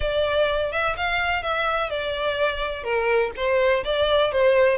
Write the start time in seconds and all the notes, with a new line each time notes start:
0.00 D5
0.72 E5
0.96 F5
1.42 E5
1.89 D5
2.83 A#4
3.36 C5
3.84 D5
4.32 C5